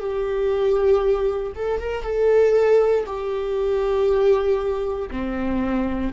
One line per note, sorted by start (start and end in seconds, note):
0.00 1.53 G4
1.55 1.80 A4
1.80 2.03 A#4
2.03 3.05 A4
3.06 5.09 G4
5.10 6.12 C4